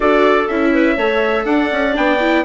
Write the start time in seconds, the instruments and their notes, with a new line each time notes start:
0.00 bassoon D4, viola F#4, clarinet A4, trumpet D5
0.48 bassoon C#4, viola E4, trumpet E5
0.73 clarinet B4
0.96 bassoon A3, viola A4, clarinet C#5
1.45 bassoon D4, clarinet D5, trumpet F#5
1.71 bassoon C#4
1.92 bassoon B3, viola D4, trumpet G5
2.20 viola E4